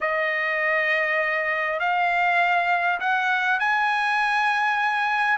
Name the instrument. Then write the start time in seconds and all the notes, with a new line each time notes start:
trumpet
0.00 D#5
1.79 F5
3.00 F#5
3.59 G#5